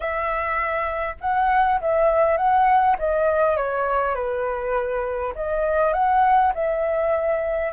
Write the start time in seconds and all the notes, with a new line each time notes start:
0.00 E5
1.20 F#5
1.80 E5
2.37 F#5
2.98 D#5
3.56 C#5
4.14 B4
5.35 D#5
5.93 F#5
6.54 E5